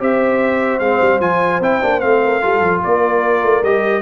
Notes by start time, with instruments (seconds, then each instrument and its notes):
0.00 tuba C4, trombone G4, horn C5, trumpet E5
0.79 tuba G#3, trombone C4, trumpet F5
1.01 tuba G3
1.20 tuba F3, trombone F4, trumpet G#5
1.60 tuba C4, trombone E4, trumpet G5
1.82 tuba A#3, trombone D4
2.00 tuba A3, trombone C4, trumpet F5
2.24 horn A#4
2.42 tuba G3, trombone F4, horn A4
2.61 tuba F3
2.84 tuba A#3, horn A#4, trumpet D5
3.43 tuba A3
3.63 tuba G3, trombone G4, trumpet D#5